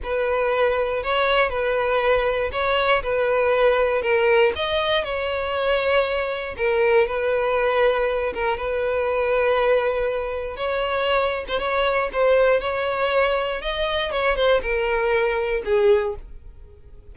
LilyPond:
\new Staff \with { instrumentName = "violin" } { \time 4/4 \tempo 4 = 119 b'2 cis''4 b'4~ | b'4 cis''4 b'2 | ais'4 dis''4 cis''2~ | cis''4 ais'4 b'2~ |
b'8 ais'8 b'2.~ | b'4 cis''4.~ cis''16 c''16 cis''4 | c''4 cis''2 dis''4 | cis''8 c''8 ais'2 gis'4 | }